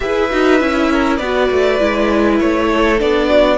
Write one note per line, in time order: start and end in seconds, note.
0.00 0.32 E4
0.00 0.30 G#4
0.00 0.91 B4
0.00 1.16 E5
0.30 0.60 D#4
0.30 0.60 F#4
0.60 1.19 C#4
0.60 1.20 E4
0.91 1.17 A#4
1.16 1.49 B3
1.16 1.79 F#4
1.16 2.67 B4
1.16 2.36 D5
1.50 1.80 A3
1.79 2.40 G#3
1.79 2.98 E4
2.40 3.00 A3
2.40 3.00 C#5
2.70 3.29 A4
2.98 3.58 B3
2.98 3.58 D4
2.98 3.58 D5
3.29 3.58 F#4